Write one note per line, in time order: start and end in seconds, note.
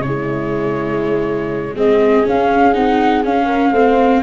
0.00 1.74 C#3
0.00 1.77 G#3
0.00 1.77 E4
0.00 1.76 C#5
1.75 2.25 G#3
1.75 2.24 C4
1.75 3.46 G#4
1.75 2.27 D#5
2.24 2.74 C#4
2.24 2.76 C#4
2.24 2.74 F5
2.74 3.25 C4
2.74 3.24 D#4
2.74 3.23 F#5
3.25 3.74 C#4
3.25 3.72 C#4
3.25 4.24 F5
3.46 3.71 A#4
3.72 4.22 A3
3.72 4.24 C4
3.72 4.22 C5